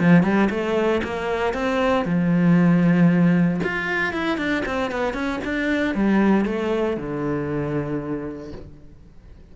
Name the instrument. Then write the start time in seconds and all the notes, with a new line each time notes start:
cello
0.00 F3
0.23 G3
0.50 A3
1.04 A#3
1.54 C4
2.05 F3
3.64 F4
4.13 E4
4.38 D4
4.66 C4
4.91 B3
5.14 C#4
5.45 D4
5.95 G3
6.45 A3
6.97 D3